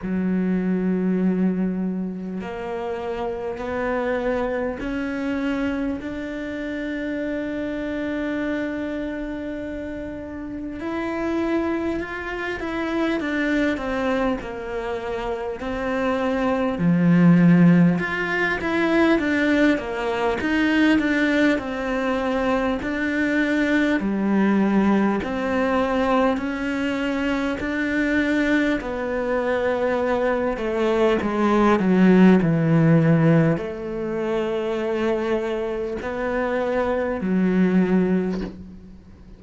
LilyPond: \new Staff \with { instrumentName = "cello" } { \time 4/4 \tempo 4 = 50 fis2 ais4 b4 | cis'4 d'2.~ | d'4 e'4 f'8 e'8 d'8 c'8 | ais4 c'4 f4 f'8 e'8 |
d'8 ais8 dis'8 d'8 c'4 d'4 | g4 c'4 cis'4 d'4 | b4. a8 gis8 fis8 e4 | a2 b4 fis4 | }